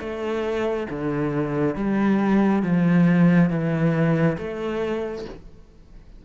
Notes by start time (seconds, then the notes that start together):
0.00 A3
0.90 D3
1.75 G3
2.63 F3
3.50 E3
4.38 A3